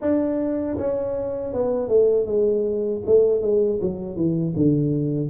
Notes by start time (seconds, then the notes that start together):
0.01 D4
0.77 C#4
1.53 B3
1.88 A3
2.26 G#3
3.06 A3
3.41 G#3
3.81 F#3
4.16 E3
4.56 D3